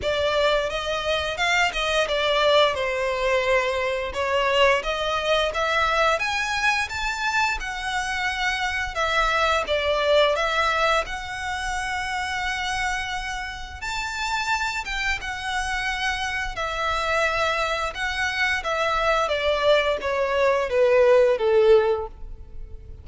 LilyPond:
\new Staff \with { instrumentName = "violin" } { \time 4/4 \tempo 4 = 87 d''4 dis''4 f''8 dis''8 d''4 | c''2 cis''4 dis''4 | e''4 gis''4 a''4 fis''4~ | fis''4 e''4 d''4 e''4 |
fis''1 | a''4. g''8 fis''2 | e''2 fis''4 e''4 | d''4 cis''4 b'4 a'4 | }